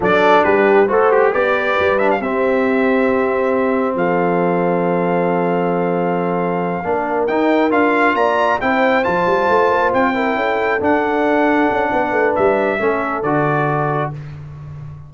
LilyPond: <<
  \new Staff \with { instrumentName = "trumpet" } { \time 4/4 \tempo 4 = 136 d''4 b'4 a'8 g'8 d''4~ | d''8 e''16 f''16 e''2.~ | e''4 f''2.~ | f''1~ |
f''8 g''4 f''4 ais''4 g''8~ | g''8 a''2 g''4.~ | g''8 fis''2.~ fis''8 | e''2 d''2 | }
  \new Staff \with { instrumentName = "horn" } { \time 4/4 a'4 g'4 c''4 b'4~ | b'4 g'2.~ | g'4 a'2.~ | a'2.~ a'8 ais'8~ |
ais'2~ ais'8 d''4 c''8~ | c''2. ais'8 a'8~ | a'2. b'4~ | b'4 a'2. | }
  \new Staff \with { instrumentName = "trombone" } { \time 4/4 d'2 fis'4 g'4~ | g'8 d'8 c'2.~ | c'1~ | c'2.~ c'8 d'8~ |
d'8 dis'4 f'2 e'8~ | e'8 f'2~ f'8 e'4~ | e'8 d'2.~ d'8~ | d'4 cis'4 fis'2 | }
  \new Staff \with { instrumentName = "tuba" } { \time 4/4 fis4 g4 a4 b4 | g4 c'2.~ | c'4 f2.~ | f2.~ f8 ais8~ |
ais8 dis'4 d'4 ais4 c'8~ | c'8 f8 g8 a8 ais8 c'4 cis'8~ | cis'8 d'2 cis'8 b8 a8 | g4 a4 d2 | }
>>